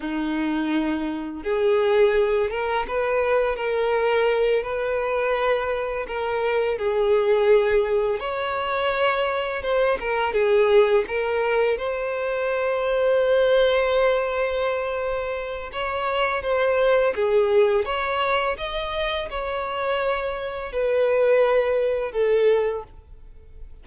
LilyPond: \new Staff \with { instrumentName = "violin" } { \time 4/4 \tempo 4 = 84 dis'2 gis'4. ais'8 | b'4 ais'4. b'4.~ | b'8 ais'4 gis'2 cis''8~ | cis''4. c''8 ais'8 gis'4 ais'8~ |
ais'8 c''2.~ c''8~ | c''2 cis''4 c''4 | gis'4 cis''4 dis''4 cis''4~ | cis''4 b'2 a'4 | }